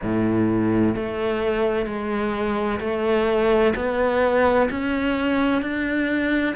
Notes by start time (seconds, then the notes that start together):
0.03 A2
0.95 A3
1.85 G#3
2.80 A3
3.75 B3
4.70 C#4
5.62 D4